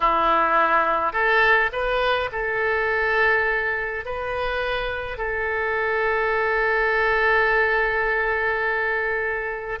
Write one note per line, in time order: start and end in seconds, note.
0.00 1.12 E4
1.12 1.70 A4
1.72 2.29 B4
2.32 4.05 A4
4.05 5.17 B4
5.17 9.79 A4